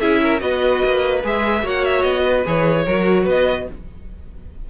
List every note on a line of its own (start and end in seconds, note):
0.00 0.42 C#4
0.00 0.39 E4
0.00 0.21 G#4
0.00 0.40 E5
0.22 0.41 A#4
0.39 0.82 B3
0.39 1.20 F#4
0.39 1.64 B4
0.39 1.22 D#5
0.84 1.24 A#3
1.24 1.63 G#3
1.24 1.63 G#4
1.24 1.67 E5
1.63 2.03 A#3
1.63 2.45 F#4
1.63 2.22 C#5
1.63 1.85 F#5
1.85 2.02 E5
2.02 2.44 B3
2.02 2.43 D#5
2.22 2.83 B4
2.45 2.86 E3
2.45 2.86 G#4
2.45 3.28 C#5
2.86 3.26 F#3
2.86 3.69 F#4
2.86 3.24 A#4
3.24 3.67 B3
3.24 3.65 B4
3.24 3.69 D#5